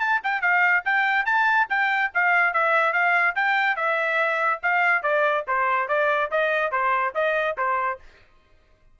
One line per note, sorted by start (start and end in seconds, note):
0.00 0.21 A5
0.23 0.42 G5
0.42 0.84 F5
0.85 1.25 G5
1.25 1.67 A5
1.70 2.12 G5
2.14 2.54 F5
2.54 2.93 E5
2.93 3.35 F5
3.36 3.76 G5
3.76 4.60 E5
4.63 5.03 F5
5.03 5.45 D5
5.48 5.89 C5
5.89 6.31 D5
6.31 6.72 D#5
6.72 7.14 C5
7.15 7.57 D#5
7.58 8.00 C5